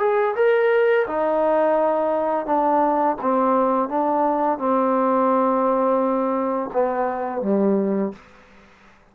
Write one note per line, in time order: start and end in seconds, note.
0.00 0.35 G#4
0.36 1.07 A#4
1.08 2.46 D#4
2.46 3.17 D4
3.22 3.90 C4
3.90 4.59 D4
4.59 6.71 C4
6.74 7.42 B3
7.42 8.13 G3